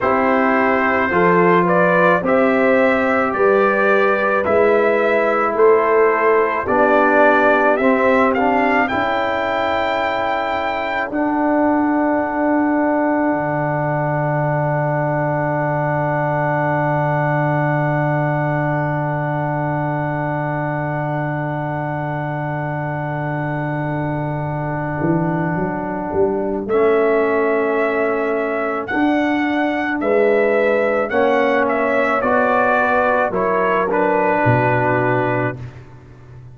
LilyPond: <<
  \new Staff \with { instrumentName = "trumpet" } { \time 4/4 \tempo 4 = 54 c''4. d''8 e''4 d''4 | e''4 c''4 d''4 e''8 f''8 | g''2 fis''2~ | fis''1~ |
fis''1~ | fis''1 | e''2 fis''4 e''4 | fis''8 e''8 d''4 cis''8 b'4. | }
  \new Staff \with { instrumentName = "horn" } { \time 4/4 g'4 a'8 b'8 c''4 b'4~ | b'4 a'4 g'2 | a'1~ | a'1~ |
a'1~ | a'1~ | a'2. b'4 | cis''4. b'8 ais'4 fis'4 | }
  \new Staff \with { instrumentName = "trombone" } { \time 4/4 e'4 f'4 g'2 | e'2 d'4 c'8 d'8 | e'2 d'2~ | d'1~ |
d'1~ | d'1 | cis'2 d'2 | cis'4 fis'4 e'8 d'4. | }
  \new Staff \with { instrumentName = "tuba" } { \time 4/4 c'4 f4 c'4 g4 | gis4 a4 b4 c'4 | cis'2 d'2 | d1~ |
d1~ | d2~ d8 e8 fis8 g8 | a2 d'4 gis4 | ais4 b4 fis4 b,4 | }
>>